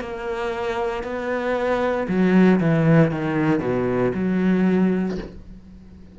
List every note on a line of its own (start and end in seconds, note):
0.00 1.03 A#3
1.03 2.07 B3
2.08 2.60 F#3
2.60 3.11 E3
3.11 3.60 D#3
3.60 4.11 B2
4.14 5.18 F#3